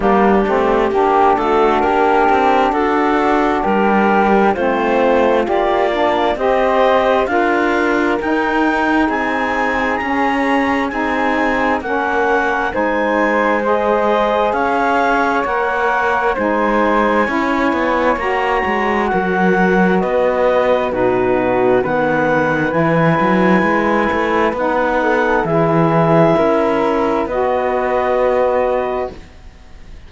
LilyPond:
<<
  \new Staff \with { instrumentName = "clarinet" } { \time 4/4 \tempo 4 = 66 g'4. a'8 ais'4 a'4 | ais'4 c''4 d''4 dis''4 | f''4 g''4 gis''4 ais''4 | gis''4 fis''4 gis''4 dis''4 |
f''4 fis''4 gis''2 | ais''4 fis''4 dis''4 b'4 | fis''4 gis''2 fis''4 | e''2 dis''2 | }
  \new Staff \with { instrumentName = "flute" } { \time 4/4 d'4 g'8 fis'8 g'4 fis'4 | g'4 f'2 c''4 | ais'2 gis'2~ | gis'4 ais'4 c''2 |
cis''2 c''4 cis''4~ | cis''4 ais'4 b'4 fis'4 | b'2.~ b'8 a'8 | gis'4 ais'4 b'2 | }
  \new Staff \with { instrumentName = "saxophone" } { \time 4/4 ais8 c'8 d'2.~ | d'4 c'4 g'8 d'8 g'4 | f'4 dis'2 cis'4 | dis'4 cis'4 dis'4 gis'4~ |
gis'4 ais'4 dis'4 e'4 | fis'2. dis'4 | b4 e'2 dis'4 | e'2 fis'2 | }
  \new Staff \with { instrumentName = "cello" } { \time 4/4 g8 a8 ais8 a8 ais8 c'8 d'4 | g4 a4 ais4 c'4 | d'4 dis'4 c'4 cis'4 | c'4 ais4 gis2 |
cis'4 ais4 gis4 cis'8 b8 | ais8 gis8 fis4 b4 b,4 | dis4 e8 fis8 gis8 a8 b4 | e4 cis'4 b2 | }
>>